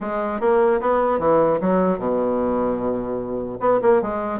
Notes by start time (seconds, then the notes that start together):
0.01 G#3
0.40 A#3
0.81 B3
1.19 E3
1.60 F#3
1.98 B2
3.60 B3
3.82 A#3
4.02 G#3